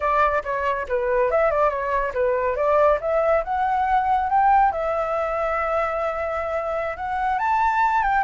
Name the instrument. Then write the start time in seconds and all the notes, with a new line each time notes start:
flute
0.00 D5
0.43 C#5
0.88 B4
1.30 E5
1.50 D5
1.69 C#5
2.14 B4
2.56 D5
3.01 E5
3.44 F#5
4.29 G5
4.72 E5
6.96 F#5
7.38 A5
8.02 G5